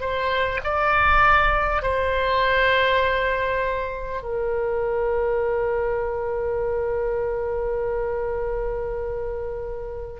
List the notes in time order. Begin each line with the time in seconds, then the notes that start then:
0.00 C5
0.64 D5
1.82 C5
4.22 A#4